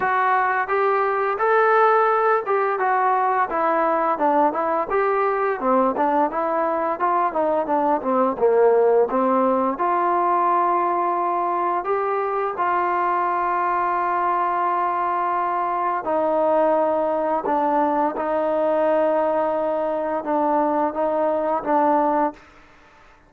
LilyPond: \new Staff \with { instrumentName = "trombone" } { \time 4/4 \tempo 4 = 86 fis'4 g'4 a'4. g'8 | fis'4 e'4 d'8 e'8 g'4 | c'8 d'8 e'4 f'8 dis'8 d'8 c'8 | ais4 c'4 f'2~ |
f'4 g'4 f'2~ | f'2. dis'4~ | dis'4 d'4 dis'2~ | dis'4 d'4 dis'4 d'4 | }